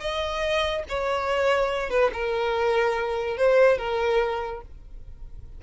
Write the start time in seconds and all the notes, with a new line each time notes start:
0.00 D#5
0.89 C#5
1.90 B4
2.13 A#4
3.37 C5
3.78 A#4